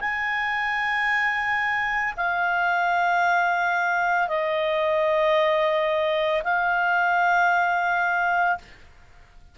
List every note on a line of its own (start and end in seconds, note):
0.00 2.14 G#5
2.17 4.28 F5
4.28 6.42 D#5
6.44 8.58 F5